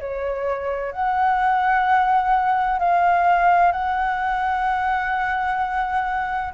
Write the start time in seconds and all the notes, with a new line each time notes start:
0.00 C#5
0.92 F#5
2.79 F5
3.72 F#5